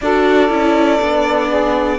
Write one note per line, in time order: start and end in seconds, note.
0.01 0.49 D4
0.01 0.48 F#4
0.01 1.48 A4
0.01 1.98 D5
0.48 0.99 C#4
0.48 0.98 E4
1.00 1.98 B3
1.00 1.98 D4
1.48 1.98 G#4